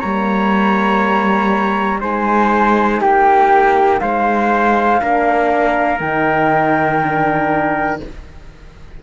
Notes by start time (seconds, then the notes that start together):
0.00 G3 A#3 C#5 A#5
2.01 G#3 D#4 C5 G#5
3.01 A#3 G4 G5
4.00 G#3 C5 F5
5.01 A#3 D4 A#4
5.99 D#3 D#4 G5
7.03 D4